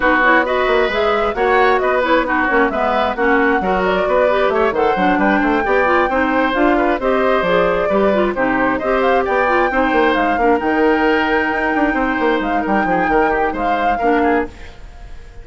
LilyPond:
<<
  \new Staff \with { instrumentName = "flute" } { \time 4/4 \tempo 4 = 133 b'8 cis''8 dis''4 e''4 fis''4 | dis''8 cis''8 b'8 cis''8 e''4 fis''4~ | fis''8 d''4. e''8 fis''4 g''8~ | g''2~ g''8 f''4 dis''8~ |
dis''8 d''2 c''4 dis''8 | f''8 g''2 f''4 g''8~ | g''2.~ g''8 f''8 | g''2 f''2 | }
  \new Staff \with { instrumentName = "oboe" } { \time 4/4 fis'4 b'2 cis''4 | b'4 fis'4 b'4 fis'4 | ais'4 b'4 cis''8 c''4 b'8 | c''8 d''4 c''4. b'8 c''8~ |
c''4. b'4 g'4 c''8~ | c''8 d''4 c''4. ais'4~ | ais'2~ ais'8 c''4. | ais'8 gis'8 ais'8 g'8 c''4 ais'8 gis'8 | }
  \new Staff \with { instrumentName = "clarinet" } { \time 4/4 dis'8 e'8 fis'4 gis'4 fis'4~ | fis'8 e'8 dis'8 cis'8 b4 cis'4 | fis'4. g'4 a'8 d'4~ | d'8 g'8 f'8 dis'4 f'4 g'8~ |
g'8 gis'4 g'8 f'8 dis'4 g'8~ | g'4 f'8 dis'4. d'8 dis'8~ | dis'1~ | dis'2. d'4 | }
  \new Staff \with { instrumentName = "bassoon" } { \time 4/4 b4. ais8 gis4 ais4 | b4. ais8 gis4 ais4 | fis4 b4 a8 dis8 fis8 g8 | a8 b4 c'4 d'4 c'8~ |
c'8 f4 g4 c4 c'8~ | c'8 b4 c'8 ais8 gis8 ais8 dis8~ | dis4. dis'8 d'8 c'8 ais8 gis8 | g8 f8 dis4 gis4 ais4 | }
>>